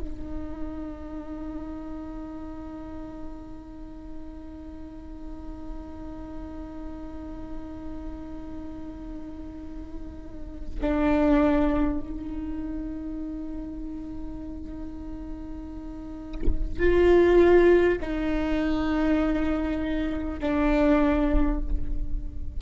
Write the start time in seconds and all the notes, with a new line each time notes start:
0.00 D#4
10.81 D4
11.99 D#4
16.79 F4
18.01 D#4
20.39 D4